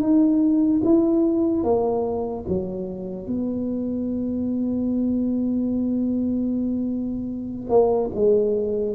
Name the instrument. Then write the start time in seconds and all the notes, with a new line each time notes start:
tuba
0.00 D#4
0.84 E4
1.63 A#3
2.48 F#3
3.27 B3
7.69 A#3
8.14 G#3